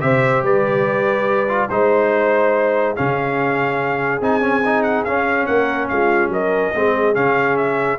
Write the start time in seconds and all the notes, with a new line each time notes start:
0.00 C3 G4 C5 E5
0.42 G3 B4 D5
1.48 F4
1.69 G#3 D#4 C5
2.95 C#3 C#4 G#4 F5
4.20 C4 D#4 G#5
4.41 C#4
4.65 D#4
4.82 F#5
5.04 C#4 F5
5.45 A#3 A#4 F#5
5.88 G#3 F4 F5
6.28 F#3 A#4 D#5
6.74 G#3 C4 G#4
7.14 C#3 C#4 F5
7.56 E5